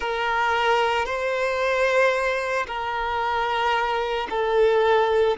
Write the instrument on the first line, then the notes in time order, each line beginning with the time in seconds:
violin
0.00 A#4
1.05 C5
2.66 A#4
4.30 A4